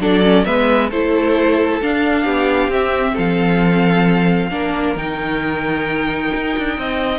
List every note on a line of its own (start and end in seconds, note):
0.00 0.45 F#3
0.00 0.23 D4
0.00 0.46 A4
0.00 0.45 D5
0.23 0.45 C#4
0.45 0.92 G#3
0.45 0.91 B3
0.45 0.91 B4
0.45 0.90 E5
0.91 1.82 A3
0.91 1.82 E4
0.91 2.24 A4
0.91 1.81 C5
1.82 2.72 D4
1.82 2.26 D4
1.82 2.73 F5
2.24 2.68 B3
2.24 3.13 G4
2.68 3.13 C4
2.68 4.52 C4
2.68 3.18 E5
3.13 4.51 F3
3.13 4.49 A4
3.13 4.97 F5
4.51 4.96 A#3
4.51 4.97 D4
4.51 6.78 A#4
4.96 6.31 D#3
4.96 7.19 D#4
4.96 7.19 G5
6.35 6.58 D#4
6.58 6.78 D4
6.78 7.19 C4
6.78 7.19 D#5